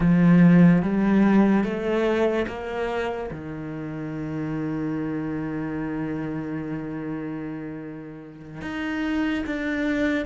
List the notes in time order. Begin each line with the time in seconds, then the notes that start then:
0.00 F3
0.82 G3
1.64 A3
2.47 A#3
3.31 D#3
8.61 D#4
9.46 D4